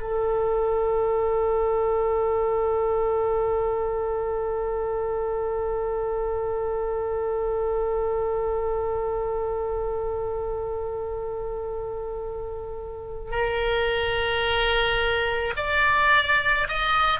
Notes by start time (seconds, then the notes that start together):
0.00 A4
13.31 A#4
15.56 D5
16.68 D#5